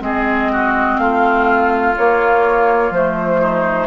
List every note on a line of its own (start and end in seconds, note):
0.00 0.97 G#3
0.00 1.94 C4
0.00 0.52 G#4
0.00 0.98 D#5
0.52 1.01 F#4
0.98 1.95 A3
0.98 3.41 F4
0.98 1.95 F5
1.97 2.91 A#3
1.97 2.95 A#3
1.97 2.93 C#5
2.91 3.87 F3
2.91 3.87 A3
2.91 3.87 C5
3.41 3.87 D#4